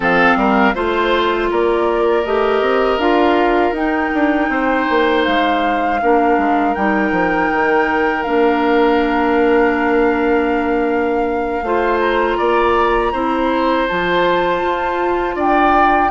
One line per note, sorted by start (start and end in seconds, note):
0.00 0.36 F3
0.00 0.74 C4
0.00 0.37 A4
0.00 0.75 F5
0.36 0.73 G3
0.36 0.75 A#4
0.74 1.50 A3
0.74 2.24 F4
0.74 1.50 C5
1.50 2.25 A#3
1.50 4.50 A#4
1.50 2.25 D5
2.25 2.61 A3
2.25 2.99 G4
2.25 2.98 D#5
2.61 2.97 C4
2.97 3.72 D4
2.97 3.74 F4
2.97 3.73 F5
3.72 4.09 D#4
3.72 5.99 D#4
3.72 5.24 G5
4.13 4.49 D4
4.49 4.86 C4
4.49 6.00 C5
4.89 5.26 A#3
5.24 6.01 G#3
5.24 6.74 F5
6.00 6.37 A#3
6.00 6.75 D4
6.00 11.64 A#4
6.37 6.75 G#3
6.74 7.11 G3
6.74 8.24 D#4
6.74 8.22 G5
7.11 7.48 F3
7.51 8.26 D#3
8.22 11.62 A#3
8.22 11.61 D4
8.22 11.98 F5
11.62 12.37 A3
11.62 13.13 F4
11.62 12.37 C5
12.00 13.87 A#5
12.37 13.13 A#3
12.37 13.12 D5
13.12 13.88 C4
13.12 13.88 E4
13.12 15.35 C5
13.88 14.62 F3
13.88 16.11 F4
13.88 15.38 A5
14.62 15.35 F4
15.35 16.10 D4
15.35 16.10 D5
15.35 16.11 G5